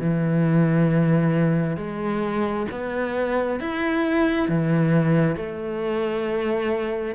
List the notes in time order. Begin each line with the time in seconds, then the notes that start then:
0.00 E3
1.77 G#3
2.71 B3
3.61 E4
4.49 E3
5.36 A3